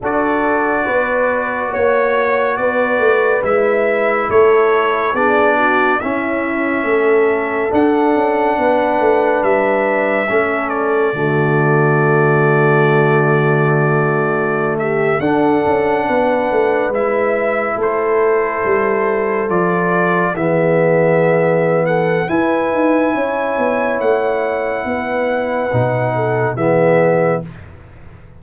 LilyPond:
<<
  \new Staff \with { instrumentName = "trumpet" } { \time 4/4 \tempo 4 = 70 d''2 cis''4 d''4 | e''4 cis''4 d''4 e''4~ | e''4 fis''2 e''4~ | e''8 d''2.~ d''8~ |
d''4~ d''16 e''8 fis''2 e''16~ | e''8. c''2 d''4 e''16~ | e''4. fis''8 gis''2 | fis''2. e''4 | }
  \new Staff \with { instrumentName = "horn" } { \time 4/4 a'4 b'4 cis''4 b'4~ | b'4 a'4 gis'8 fis'8 e'4 | a'2 b'2 | a'4 fis'2.~ |
fis'4~ fis'16 g'8 a'4 b'4~ b'16~ | b'8. a'2. gis'16~ | gis'4. a'8 b'4 cis''4~ | cis''4 b'4. a'8 gis'4 | }
  \new Staff \with { instrumentName = "trombone" } { \time 4/4 fis'1 | e'2 d'4 cis'4~ | cis'4 d'2. | cis'4 a2.~ |
a4.~ a16 d'2 e'16~ | e'2~ e'8. f'4 b16~ | b2 e'2~ | e'2 dis'4 b4 | }
  \new Staff \with { instrumentName = "tuba" } { \time 4/4 d'4 b4 ais4 b8 a8 | gis4 a4 b4 cis'4 | a4 d'8 cis'8 b8 a8 g4 | a4 d2.~ |
d4.~ d16 d'8 cis'8 b8 a8 gis16~ | gis8. a4 g4 f4 e16~ | e2 e'8 dis'8 cis'8 b8 | a4 b4 b,4 e4 | }
>>